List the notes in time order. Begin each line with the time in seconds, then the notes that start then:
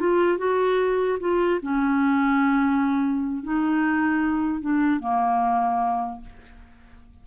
0.00 F4
0.38 F#4
1.20 F4
1.62 C#4
3.43 D#4
4.61 D4
5.00 A#3